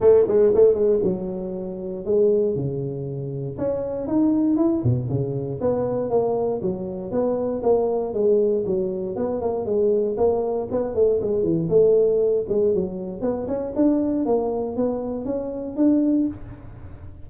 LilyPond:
\new Staff \with { instrumentName = "tuba" } { \time 4/4 \tempo 4 = 118 a8 gis8 a8 gis8 fis2 | gis4 cis2 cis'4 | dis'4 e'8 b,8 cis4 b4 | ais4 fis4 b4 ais4 |
gis4 fis4 b8 ais8 gis4 | ais4 b8 a8 gis8 e8 a4~ | a8 gis8 fis4 b8 cis'8 d'4 | ais4 b4 cis'4 d'4 | }